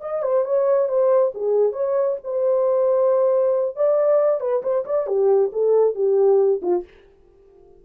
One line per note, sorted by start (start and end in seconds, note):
0.00 0.22 D#5
0.22 0.44 C5
0.45 0.88 C#5
0.88 1.32 C5
1.34 1.72 G#4
1.72 2.16 C#5
2.24 3.76 C5
3.76 4.40 D5
4.40 4.62 B4
4.62 4.84 C5
4.85 5.07 D5
5.07 5.51 G4
5.52 5.94 A4
5.94 6.61 G4
6.62 6.84 F4